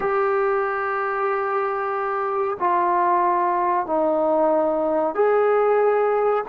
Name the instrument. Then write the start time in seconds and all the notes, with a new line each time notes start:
trombone
0.00 G4
2.59 F4
3.86 D#4
5.14 G#4